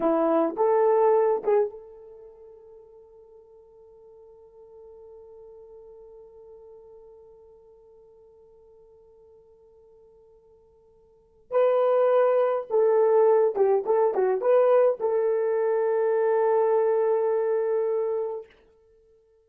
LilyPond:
\new Staff \with { instrumentName = "horn" } { \time 4/4 \tempo 4 = 104 e'4 a'4. gis'8 a'4~ | a'1~ | a'1~ | a'1~ |
a'1 | b'2 a'4. g'8 | a'8 fis'8 b'4 a'2~ | a'1 | }